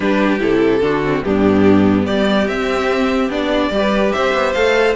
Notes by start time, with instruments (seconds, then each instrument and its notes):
0.00 cello G3, viola D4, violin G4 B4
0.39 cello C3, viola E4, violin A4
0.81 cello D3, viola D4, violin F#4
1.03 viola C4
1.23 cello G2, viola B3, violin D4 G4
2.06 cello G3, violin G4 D5
2.47 cello C4, viola C4, violin E5
3.28 cello B3, viola D4, violin D5
3.70 cello G3, viola G4
3.76 violin B4
4.11 cello C4, violin C5 E5
4.33 cello B3
4.52 cello A3, viola A4, violin F5